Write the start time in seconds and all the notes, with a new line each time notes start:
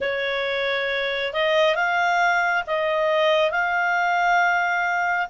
0.00 C#5
1.33 D#5
1.75 F5
2.66 D#5
3.51 F5